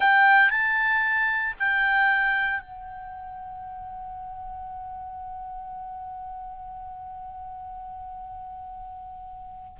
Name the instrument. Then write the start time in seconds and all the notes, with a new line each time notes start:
clarinet
0.00 G5
0.50 A5
1.59 G5
2.60 F#5